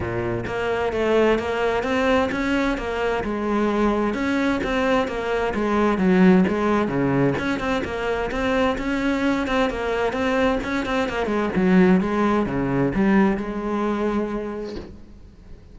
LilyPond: \new Staff \with { instrumentName = "cello" } { \time 4/4 \tempo 4 = 130 ais,4 ais4 a4 ais4 | c'4 cis'4 ais4 gis4~ | gis4 cis'4 c'4 ais4 | gis4 fis4 gis4 cis4 |
cis'8 c'8 ais4 c'4 cis'4~ | cis'8 c'8 ais4 c'4 cis'8 c'8 | ais8 gis8 fis4 gis4 cis4 | g4 gis2. | }